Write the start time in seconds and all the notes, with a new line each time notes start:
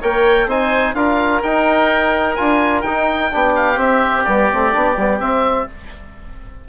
0.00 A#3 A#4 C#5 G5
0.46 C4 D#4 C5 G#5
0.93 D4 F4 A#4 F5
1.42 D#4 G5
2.35 D4 F4 G#5
2.81 D#4 G5
3.30 B3 D4 G4
3.55 F5
3.75 C4 E5
4.24 G3 B3 D5
4.51 A3 C4
4.72 B3 D4
4.96 G3 B3
5.19 C4 E5